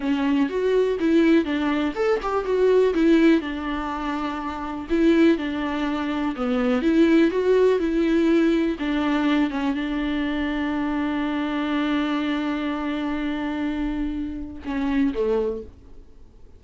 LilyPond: \new Staff \with { instrumentName = "viola" } { \time 4/4 \tempo 4 = 123 cis'4 fis'4 e'4 d'4 | a'8 g'8 fis'4 e'4 d'4~ | d'2 e'4 d'4~ | d'4 b4 e'4 fis'4 |
e'2 d'4. cis'8 | d'1~ | d'1~ | d'2 cis'4 a4 | }